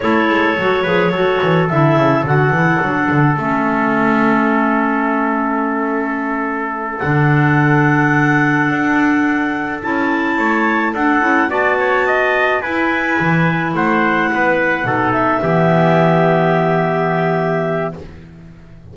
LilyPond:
<<
  \new Staff \with { instrumentName = "clarinet" } { \time 4/4 \tempo 4 = 107 cis''2. e''4 | fis''2 e''2~ | e''1~ | e''8 fis''2.~ fis''8~ |
fis''4. a''2 fis''8~ | fis''8 a''2 gis''4.~ | gis''8 fis''2~ fis''8 e''4~ | e''1 | }
  \new Staff \with { instrumentName = "trumpet" } { \time 4/4 a'4. b'8 a'2~ | a'1~ | a'1~ | a'1~ |
a'2~ a'8 cis''4 a'8~ | a'8 d''8 cis''8 dis''4 b'4.~ | b'8 c''4 b'4 a'4 g'8~ | g'1 | }
  \new Staff \with { instrumentName = "clarinet" } { \time 4/4 e'4 fis'8 gis'8 fis'4 e'4 | fis'8 e'8 d'4 cis'2~ | cis'1~ | cis'8 d'2.~ d'8~ |
d'4. e'2 d'8 | e'8 fis'2 e'4.~ | e'2~ e'8 dis'4 b8~ | b1 | }
  \new Staff \with { instrumentName = "double bass" } { \time 4/4 a8 gis8 fis8 f8 fis8 e8 d8 cis8 | d8 e8 fis8 d8 a2~ | a1~ | a8 d2. d'8~ |
d'4. cis'4 a4 d'8 | cis'8 b2 e'4 e8~ | e8 a4 b4 b,4 e8~ | e1 | }
>>